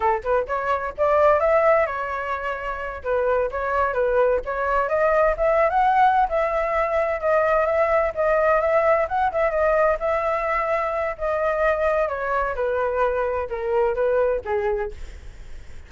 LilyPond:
\new Staff \with { instrumentName = "flute" } { \time 4/4 \tempo 4 = 129 a'8 b'8 cis''4 d''4 e''4 | cis''2~ cis''8 b'4 cis''8~ | cis''8 b'4 cis''4 dis''4 e''8~ | e''16 fis''4~ fis''16 e''2 dis''8~ |
dis''8 e''4 dis''4 e''4 fis''8 | e''8 dis''4 e''2~ e''8 | dis''2 cis''4 b'4~ | b'4 ais'4 b'4 gis'4 | }